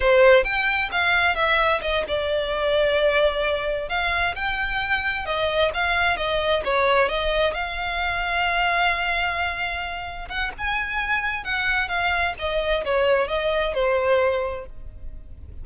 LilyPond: \new Staff \with { instrumentName = "violin" } { \time 4/4 \tempo 4 = 131 c''4 g''4 f''4 e''4 | dis''8 d''2.~ d''8~ | d''8 f''4 g''2 dis''8~ | dis''8 f''4 dis''4 cis''4 dis''8~ |
dis''8 f''2.~ f''8~ | f''2~ f''8 fis''8 gis''4~ | gis''4 fis''4 f''4 dis''4 | cis''4 dis''4 c''2 | }